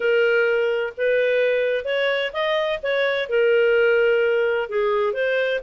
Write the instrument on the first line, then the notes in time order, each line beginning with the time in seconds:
clarinet
0.00 A#4
0.97 B4
1.84 C#5
2.32 D#5
2.83 C#5
3.29 A#4
4.69 G#4
5.13 C5